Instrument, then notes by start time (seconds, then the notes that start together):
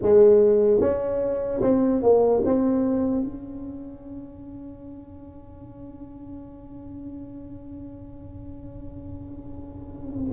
tuba
0.01 G#3
0.80 C#4
1.61 C4
2.02 A#3
2.45 C4
3.23 C#4